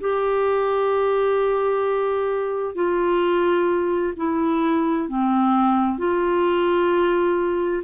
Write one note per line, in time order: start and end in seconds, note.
0.00 2.75 G4
2.75 4.13 F4
4.16 5.09 E4
5.09 5.98 C4
5.98 7.83 F4